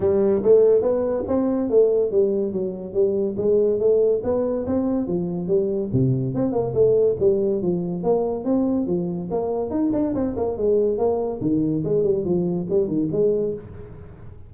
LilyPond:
\new Staff \with { instrumentName = "tuba" } { \time 4/4 \tempo 4 = 142 g4 a4 b4 c'4 | a4 g4 fis4 g4 | gis4 a4 b4 c'4 | f4 g4 c4 c'8 ais8 |
a4 g4 f4 ais4 | c'4 f4 ais4 dis'8 d'8 | c'8 ais8 gis4 ais4 dis4 | gis8 g8 f4 g8 dis8 gis4 | }